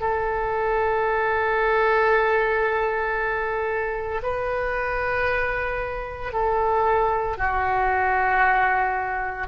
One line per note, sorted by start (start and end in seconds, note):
0.00 4.21 A4
4.22 6.33 B4
6.33 7.37 A4
7.37 9.47 F#4